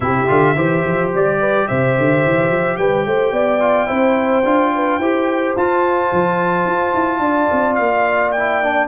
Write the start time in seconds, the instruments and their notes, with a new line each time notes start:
0.00 tuba C3, trombone E4, horn G4, trumpet E5
0.27 tuba D3, trombone F4
0.55 tuba E3, trombone G4, horn C5
0.85 tuba F3
1.14 tuba G3, trumpet D5
1.39 horn B4
1.67 tuba C3, horn C5, trumpet E5
1.98 tuba D3
2.25 tuba E3
2.50 tuba F3
2.77 tuba G3, horn B4, trumpet G5
3.05 tuba A3, horn C5
3.31 tuba B3, horn D5
3.60 trombone F4
3.87 tuba C4, trombone E4, horn C5
4.44 tuba D4, trombone F4
4.74 horn B4
4.98 tuba E4, trombone G4, horn C5
5.55 tuba F4, trombone F4, trumpet A5
6.12 tuba F3
6.65 tuba F4
6.94 tuba E4
7.19 tuba D4, horn D5
7.51 tuba C4
7.75 tuba A#3, trumpet F5
8.31 trombone E4, trumpet G5
8.63 trombone D4